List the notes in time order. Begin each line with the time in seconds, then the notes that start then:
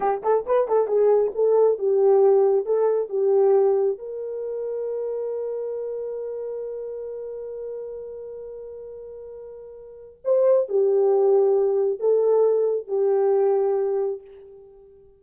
0.00 G4
0.22 A4
0.46 B4
0.67 A4
0.87 G#4
1.35 A4
1.78 G4
2.65 A4
3.09 G4
3.98 A#4
10.24 C5
10.68 G4
11.99 A4
12.87 G4